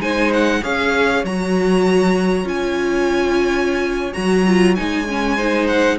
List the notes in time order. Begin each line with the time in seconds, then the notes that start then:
0.00 G#3 D#4 C5 G#5
0.34 F#5
0.63 C#4 G#4 C#5 F5
1.24 F#3 F#4 A#5
2.44 C#4 F4 G#5
4.13 F#3 F#4 A#5
4.47 F4
4.76 G#3 D#4 G#5
5.08 C#4
5.36 D#4 C5
5.67 F#5